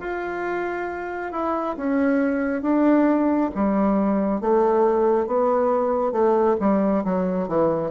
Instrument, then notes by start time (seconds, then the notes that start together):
bassoon
0.00 F4
1.32 E4
1.77 C#4
2.62 D4
3.55 G3
4.41 A3
5.27 B3
6.12 A3
6.61 G3
7.05 F#3
7.48 E3